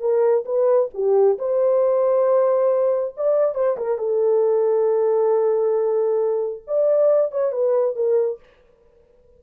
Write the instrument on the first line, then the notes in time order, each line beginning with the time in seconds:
horn
0.00 A#4
0.45 B4
0.94 G4
1.38 C5
3.17 D5
3.55 C5
3.77 A#4
3.98 A4
6.67 D5
7.31 C#5
7.52 B4
7.96 A#4